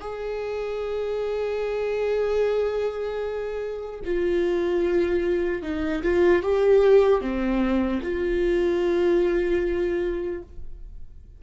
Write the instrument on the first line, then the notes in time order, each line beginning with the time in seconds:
viola
0.00 G#4
4.04 F4
5.62 D#4
6.03 F4
6.42 G4
7.21 C4
8.03 F4